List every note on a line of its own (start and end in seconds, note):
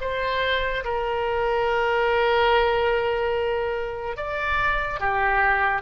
0.00 0.83 C5
0.84 4.16 A#4
4.16 4.99 D5
4.99 5.81 G4